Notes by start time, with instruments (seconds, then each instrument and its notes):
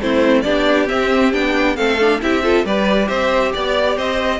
0.00 cello A3, viola C4, violin E4 C5
0.41 cello B3, viola D4, violin G4 D5
0.88 viola C4, cello C4, violin E5
1.32 cello B3, viola D4, violin G5
1.76 cello A3, viola C4, violin A4 F5
2.00 viola D4
2.21 cello C4, viola E4, violin G4 E5
2.43 viola F4, violin A4
2.64 cello G3, viola G4, violin B4 D5
3.08 cello C4, violin C5 E5
3.53 cello B3, violin D5
3.96 cello C4, violin C5 D#5